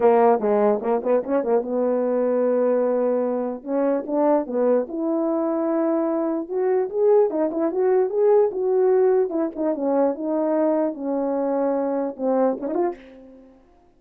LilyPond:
\new Staff \with { instrumentName = "horn" } { \time 4/4 \tempo 4 = 148 ais4 gis4 ais8 b8 cis'8 ais8 | b1~ | b4 cis'4 d'4 b4 | e'1 |
fis'4 gis'4 dis'8 e'8 fis'4 | gis'4 fis'2 e'8 dis'8 | cis'4 dis'2 cis'4~ | cis'2 c'4 cis'16 dis'16 f'8 | }